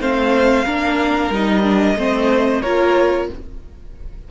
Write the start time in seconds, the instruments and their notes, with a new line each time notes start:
0.00 cello A3, viola C4, violin C5 F5
0.65 cello A#3, viola D4, violin A#4
1.30 cello G3, viola D#4, violin D#5
1.63 viola D4
1.96 cello A3, viola C4, violin C5
2.62 cello A#3, viola F4, violin A#4 C#5